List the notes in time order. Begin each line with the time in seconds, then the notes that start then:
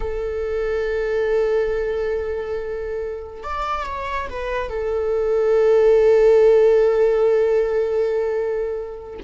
0.00 A4
3.43 D5
3.86 C#5
4.29 B4
4.69 A4